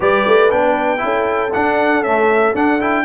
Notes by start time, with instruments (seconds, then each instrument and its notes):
0.00 tuba G3, trombone G4, horn B4, trumpet D5
0.26 tuba A3
0.50 tuba B3, trombone D4, trumpet G5
0.97 tuba C#4, trombone E4
1.04 horn A4
1.53 trombone D4, tuba D4, trumpet F#5
2.01 trombone A3, tuba C#4, trumpet E5
2.54 tuba D4, trombone D4, trumpet F#5
2.80 trombone E4, trumpet G5